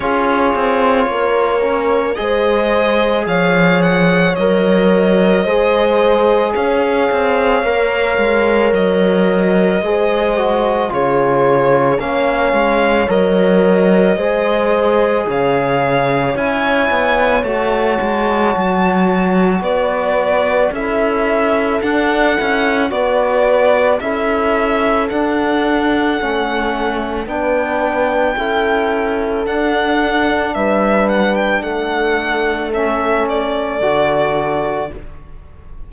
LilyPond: <<
  \new Staff \with { instrumentName = "violin" } { \time 4/4 \tempo 4 = 55 cis''2 dis''4 f''8 fis''8 | dis''2 f''2 | dis''2 cis''4 f''4 | dis''2 f''4 gis''4 |
a''2 d''4 e''4 | fis''4 d''4 e''4 fis''4~ | fis''4 g''2 fis''4 | e''8 fis''16 g''16 fis''4 e''8 d''4. | }
  \new Staff \with { instrumentName = "horn" } { \time 4/4 gis'4 ais'4 c''4 cis''4~ | cis''4 c''4 cis''2~ | cis''4 c''4 gis'4 cis''4~ | cis''4 c''4 cis''2~ |
cis''2 b'4 a'4~ | a'4 b'4 a'2~ | a'4 b'4 a'2 | b'4 a'2. | }
  \new Staff \with { instrumentName = "trombone" } { \time 4/4 f'4. cis'8 gis'2 | ais'4 gis'2 ais'4~ | ais'4 gis'8 fis'8 f'4 cis'4 | ais'4 gis'2 e'4 |
fis'2. e'4 | d'8 e'8 fis'4 e'4 d'4 | cis'4 d'4 e'4 d'4~ | d'2 cis'4 fis'4 | }
  \new Staff \with { instrumentName = "cello" } { \time 4/4 cis'8 c'8 ais4 gis4 f4 | fis4 gis4 cis'8 c'8 ais8 gis8 | fis4 gis4 cis4 ais8 gis8 | fis4 gis4 cis4 cis'8 b8 |
a8 gis8 fis4 b4 cis'4 | d'8 cis'8 b4 cis'4 d'4 | a4 b4 cis'4 d'4 | g4 a2 d4 | }
>>